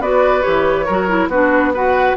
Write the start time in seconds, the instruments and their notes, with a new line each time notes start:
0.00 bassoon B3, clarinet F#4, oboe B4, flute D5
0.42 bassoon E3, clarinet G4, flute C#5
0.86 bassoon F#3, clarinet F#4, oboe A#4
1.08 clarinet E4
1.27 bassoon B3, clarinet D4, oboe F#4, flute B4
1.74 clarinet F#4, oboe B4, flute F#5